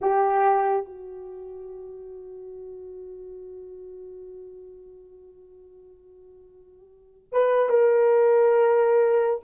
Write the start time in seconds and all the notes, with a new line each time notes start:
0.01 G4
0.85 F#4
7.32 B4
7.69 A#4